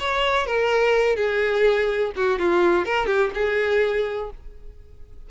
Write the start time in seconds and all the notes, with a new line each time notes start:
0.00 C#5
0.47 A#4
1.16 G#4
2.16 F#4
2.39 F4
2.85 A#4
3.07 G4
3.34 G#4